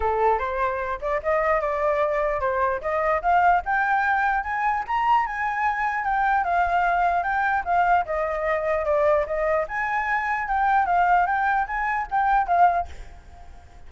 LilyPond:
\new Staff \with { instrumentName = "flute" } { \time 4/4 \tempo 4 = 149 a'4 c''4. d''8 dis''4 | d''2 c''4 dis''4 | f''4 g''2 gis''4 | ais''4 gis''2 g''4 |
f''2 g''4 f''4 | dis''2 d''4 dis''4 | gis''2 g''4 f''4 | g''4 gis''4 g''4 f''4 | }